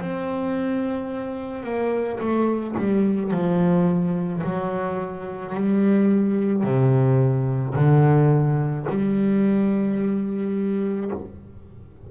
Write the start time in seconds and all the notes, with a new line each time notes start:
0.00 C4
1.63 A#3
2.19 A3
2.77 G3
3.31 F3
4.43 F#3
5.54 G3
6.63 C3
7.75 D3
8.88 G3